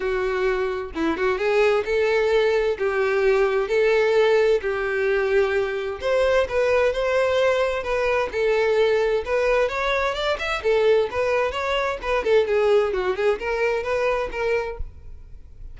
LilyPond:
\new Staff \with { instrumentName = "violin" } { \time 4/4 \tempo 4 = 130 fis'2 e'8 fis'8 gis'4 | a'2 g'2 | a'2 g'2~ | g'4 c''4 b'4 c''4~ |
c''4 b'4 a'2 | b'4 cis''4 d''8 e''8 a'4 | b'4 cis''4 b'8 a'8 gis'4 | fis'8 gis'8 ais'4 b'4 ais'4 | }